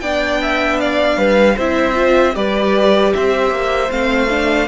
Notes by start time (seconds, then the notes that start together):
0.00 B3 D4 D5 G5
0.42 E5
0.80 D5 F5
1.17 G3 B4
1.55 C4 E4 C5 E5
1.95 F4
2.34 G3 G4 B4 D5
3.14 C4 C5 E5
3.50 A#3
3.90 A3 C4 F5
4.30 D4